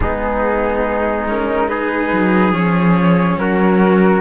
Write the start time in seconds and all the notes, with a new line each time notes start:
0.00 G#3 B3 D#4 G#4
1.28 C#4 A#4
1.68 D#4 G#4 B4
2.12 F#3
2.52 F3 C#4 C#5
3.37 F#3 F#4 A#4